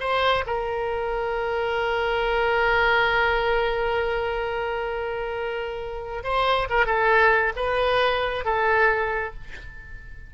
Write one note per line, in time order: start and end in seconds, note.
0.00 0.44 C5
0.46 6.24 A#4
6.24 6.68 C5
6.69 6.86 A#4
6.86 7.53 A4
7.56 8.45 B4
8.45 9.34 A4